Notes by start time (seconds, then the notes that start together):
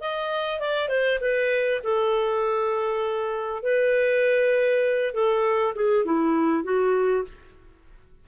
0.00 D#5
0.59 D5
0.88 C5
1.20 B4
1.83 A4
3.62 B4
5.13 A4
5.75 G#4
6.05 E4
6.63 F#4